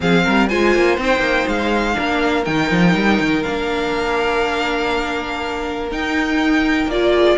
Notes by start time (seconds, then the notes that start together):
0.00 F3 C4 G#4 F5
0.24 G3 A#4
0.48 G#3 F4 C5 G#5
0.75 A#3
0.97 C4 D#4 G5
1.19 A#3
1.47 G#3 F5
1.93 A#3 D4 A#4
2.45 D#3 D#4 G5
2.70 F3
2.94 G3
3.19 D#3
3.42 A#3 D4 F5
5.91 D#4 G5
6.86 A#3 F4 D5
7.13 G#4